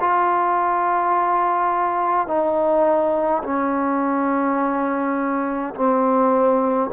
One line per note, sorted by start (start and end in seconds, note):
0.00 2.28 F4
2.28 3.42 D#4
3.44 5.74 C#4
5.75 6.90 C4